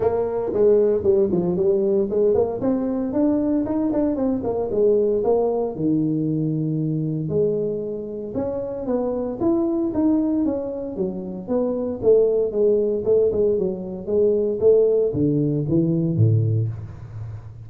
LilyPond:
\new Staff \with { instrumentName = "tuba" } { \time 4/4 \tempo 4 = 115 ais4 gis4 g8 f8 g4 | gis8 ais8 c'4 d'4 dis'8 d'8 | c'8 ais8 gis4 ais4 dis4~ | dis2 gis2 |
cis'4 b4 e'4 dis'4 | cis'4 fis4 b4 a4 | gis4 a8 gis8 fis4 gis4 | a4 d4 e4 a,4 | }